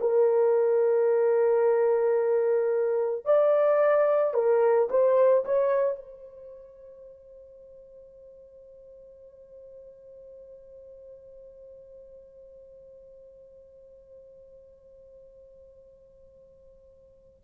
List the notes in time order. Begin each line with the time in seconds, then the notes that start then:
0.00 A#4
3.25 D5
4.34 A#4
4.89 C5
5.44 C#5
5.96 C5